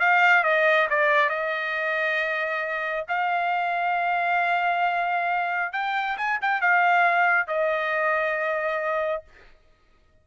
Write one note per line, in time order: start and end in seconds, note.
0.00 0.44 F5
0.44 0.88 D#5
0.90 1.30 D5
1.30 3.06 D#5
3.08 5.73 F5
5.73 6.17 G5
6.17 6.40 G#5
6.41 6.61 G5
6.61 7.48 F5
7.48 9.24 D#5